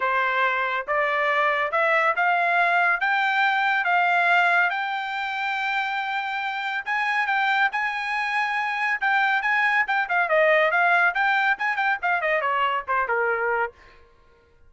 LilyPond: \new Staff \with { instrumentName = "trumpet" } { \time 4/4 \tempo 4 = 140 c''2 d''2 | e''4 f''2 g''4~ | g''4 f''2 g''4~ | g''1 |
gis''4 g''4 gis''2~ | gis''4 g''4 gis''4 g''8 f''8 | dis''4 f''4 g''4 gis''8 g''8 | f''8 dis''8 cis''4 c''8 ais'4. | }